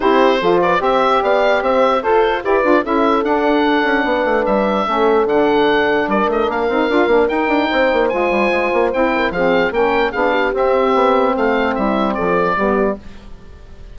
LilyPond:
<<
  \new Staff \with { instrumentName = "oboe" } { \time 4/4 \tempo 4 = 148 c''4. d''8 e''4 f''4 | e''4 c''4 d''4 e''4 | fis''2. e''4~ | e''4 fis''2 d''8 dis''8 |
f''2 g''2 | gis''2 g''4 f''4 | g''4 f''4 e''2 | f''4 e''4 d''2 | }
  \new Staff \with { instrumentName = "horn" } { \time 4/4 g'4 a'8 b'8 c''4 d''4 | c''4 a'4 b'4 a'4~ | a'2 b'2 | a'2. ais'4~ |
ais'2. c''4~ | c''2~ c''8 ais'8 gis'4 | ais'4 gis'8 g'2~ g'8 | a'4 e'4 a'4 g'4 | }
  \new Staff \with { instrumentName = "saxophone" } { \time 4/4 e'4 f'4 g'2~ | g'4 a'4 g'8 f'8 e'4 | d'1 | cis'4 d'2.~ |
d'8 dis'8 f'8 d'8 dis'2 | f'2 e'4 c'4 | cis'4 d'4 c'2~ | c'2. b4 | }
  \new Staff \with { instrumentName = "bassoon" } { \time 4/4 c'4 f4 c'4 b4 | c'4 f'4 e'8 d'8 cis'4 | d'4. cis'8 b8 a8 g4 | a4 d2 g8 a8 |
ais8 c'8 d'8 ais8 dis'8 d'8 c'8 ais8 | gis8 g8 gis8 ais8 c'4 f4 | ais4 b4 c'4 b4 | a4 g4 f4 g4 | }
>>